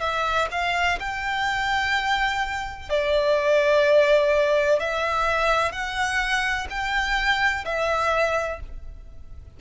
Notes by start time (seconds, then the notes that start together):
0.00 E5
0.51 F5
0.99 G5
2.90 D5
4.79 E5
5.72 F#5
6.70 G5
7.65 E5